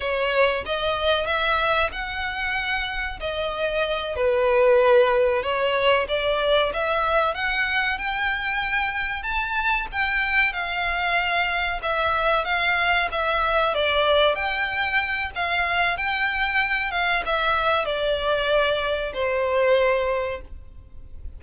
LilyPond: \new Staff \with { instrumentName = "violin" } { \time 4/4 \tempo 4 = 94 cis''4 dis''4 e''4 fis''4~ | fis''4 dis''4. b'4.~ | b'8 cis''4 d''4 e''4 fis''8~ | fis''8 g''2 a''4 g''8~ |
g''8 f''2 e''4 f''8~ | f''8 e''4 d''4 g''4. | f''4 g''4. f''8 e''4 | d''2 c''2 | }